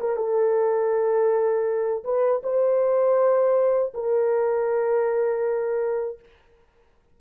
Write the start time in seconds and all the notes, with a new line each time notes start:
0.00 A#4
0.16 A4
2.04 B4
2.43 C5
3.94 A#4